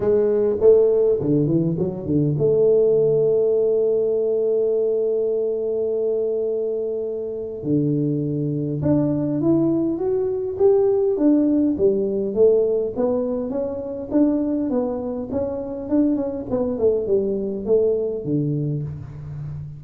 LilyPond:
\new Staff \with { instrumentName = "tuba" } { \time 4/4 \tempo 4 = 102 gis4 a4 d8 e8 fis8 d8 | a1~ | a1~ | a4 d2 d'4 |
e'4 fis'4 g'4 d'4 | g4 a4 b4 cis'4 | d'4 b4 cis'4 d'8 cis'8 | b8 a8 g4 a4 d4 | }